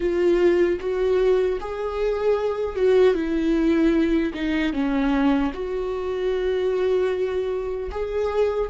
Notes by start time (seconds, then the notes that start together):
0.00 F4
0.79 F#4
1.60 G#4
2.75 F#4
3.14 E4
4.34 D#4
4.72 C#4
5.53 F#4
7.91 G#4